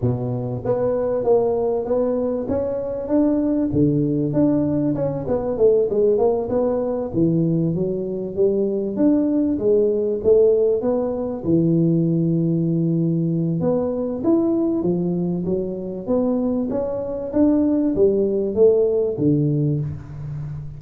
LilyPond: \new Staff \with { instrumentName = "tuba" } { \time 4/4 \tempo 4 = 97 b,4 b4 ais4 b4 | cis'4 d'4 d4 d'4 | cis'8 b8 a8 gis8 ais8 b4 e8~ | e8 fis4 g4 d'4 gis8~ |
gis8 a4 b4 e4.~ | e2 b4 e'4 | f4 fis4 b4 cis'4 | d'4 g4 a4 d4 | }